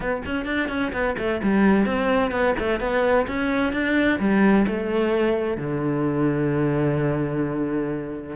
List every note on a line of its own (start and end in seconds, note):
0.00 0.22 B3
0.25 0.45 C#4
0.45 0.68 D4
0.68 0.92 C#4
0.92 1.16 B3
1.18 1.41 A3
1.42 1.85 G3
1.85 2.31 C4
2.31 2.54 B3
2.58 2.79 A3
2.79 3.26 B3
3.27 3.73 C#4
3.73 4.19 D4
4.19 4.66 G3
4.67 5.57 A3
5.57 8.36 D3